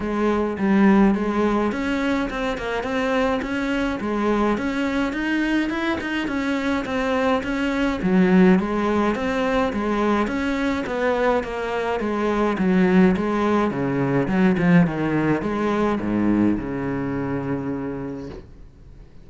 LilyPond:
\new Staff \with { instrumentName = "cello" } { \time 4/4 \tempo 4 = 105 gis4 g4 gis4 cis'4 | c'8 ais8 c'4 cis'4 gis4 | cis'4 dis'4 e'8 dis'8 cis'4 | c'4 cis'4 fis4 gis4 |
c'4 gis4 cis'4 b4 | ais4 gis4 fis4 gis4 | cis4 fis8 f8 dis4 gis4 | gis,4 cis2. | }